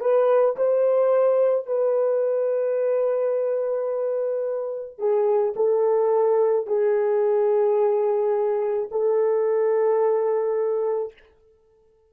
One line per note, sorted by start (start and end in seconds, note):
0.00 0.56 B4
0.56 1.66 C5
1.66 4.98 B4
4.98 5.54 G#4
5.56 6.67 A4
6.67 8.89 G#4
8.91 11.13 A4